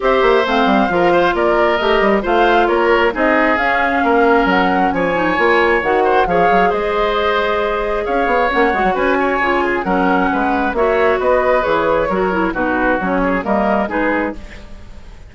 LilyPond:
<<
  \new Staff \with { instrumentName = "flute" } { \time 4/4 \tempo 4 = 134 e''4 f''2 d''4 | dis''4 f''4 cis''4 dis''4 | f''2 fis''4 gis''4~ | gis''4 fis''4 f''4 dis''4~ |
dis''2 f''4 fis''4 | gis''2 fis''2 | e''4 dis''4 cis''2 | b'4 cis''4 dis''4 b'4 | }
  \new Staff \with { instrumentName = "oboe" } { \time 4/4 c''2 ais'8 c''8 ais'4~ | ais'4 c''4 ais'4 gis'4~ | gis'4 ais'2 cis''4~ | cis''4. c''8 cis''4 c''4~ |
c''2 cis''2 | b'8 cis''4 gis'8 ais'4 b'4 | cis''4 b'2 ais'4 | fis'4. gis'8 ais'4 gis'4 | }
  \new Staff \with { instrumentName = "clarinet" } { \time 4/4 g'4 c'4 f'2 | g'4 f'2 dis'4 | cis'2.~ cis'8 dis'8 | f'4 fis'4 gis'2~ |
gis'2. cis'8 fis'8~ | fis'4 f'4 cis'2 | fis'2 gis'4 fis'8 e'8 | dis'4 cis'4 ais4 dis'4 | }
  \new Staff \with { instrumentName = "bassoon" } { \time 4/4 c'8 ais8 a8 g8 f4 ais4 | a8 g8 a4 ais4 c'4 | cis'4 ais4 fis4 f4 | ais4 dis4 f8 fis8 gis4~ |
gis2 cis'8 b8 ais8 gis16 fis16 | cis'4 cis4 fis4 gis4 | ais4 b4 e4 fis4 | b,4 fis4 g4 gis4 | }
>>